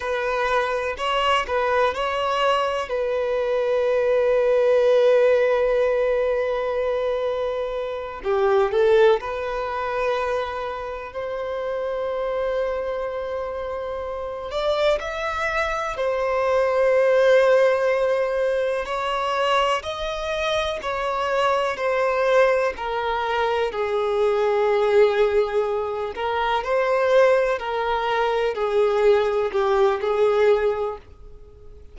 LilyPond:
\new Staff \with { instrumentName = "violin" } { \time 4/4 \tempo 4 = 62 b'4 cis''8 b'8 cis''4 b'4~ | b'1~ | b'8 g'8 a'8 b'2 c''8~ | c''2. d''8 e''8~ |
e''8 c''2. cis''8~ | cis''8 dis''4 cis''4 c''4 ais'8~ | ais'8 gis'2~ gis'8 ais'8 c''8~ | c''8 ais'4 gis'4 g'8 gis'4 | }